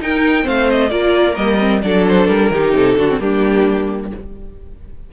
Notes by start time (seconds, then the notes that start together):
0.00 D#4 A#4 G5
0.43 A3 C4 C5 F5
0.70 D#5
0.90 A#3 F4 A#4 D5
1.35 G3 A#3 D#5
1.59 C4
1.82 F#3 D4 A4 D5
2.08 C5
2.28 G3 A#4
2.51 D#3 D#4 G4
2.73 C3 A4
2.97 D3 D4 F#4
3.09 C4
3.20 G3 A#3 D4 G4